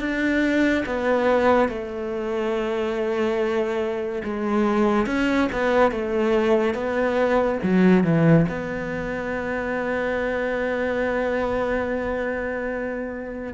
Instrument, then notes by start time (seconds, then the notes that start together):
cello
0.00 D4
0.86 B3
1.69 A3
4.24 G#3
5.06 C#4
5.53 B3
5.92 A3
6.75 B3
7.63 F#3
8.04 E3
8.49 B3